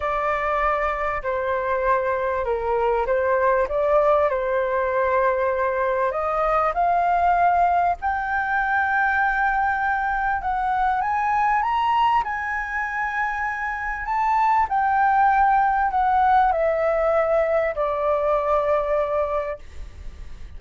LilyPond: \new Staff \with { instrumentName = "flute" } { \time 4/4 \tempo 4 = 98 d''2 c''2 | ais'4 c''4 d''4 c''4~ | c''2 dis''4 f''4~ | f''4 g''2.~ |
g''4 fis''4 gis''4 ais''4 | gis''2. a''4 | g''2 fis''4 e''4~ | e''4 d''2. | }